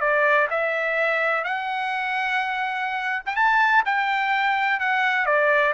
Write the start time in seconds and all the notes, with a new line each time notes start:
0.00 D5
0.50 E5
1.44 F#5
3.26 G5
3.35 A5
3.85 G5
4.79 F#5
5.25 D5